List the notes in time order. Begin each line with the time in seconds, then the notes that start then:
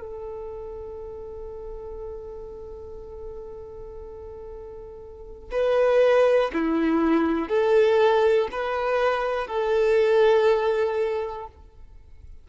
0.00 A4
5.50 B4
6.53 E4
7.48 A4
8.51 B4
9.47 A4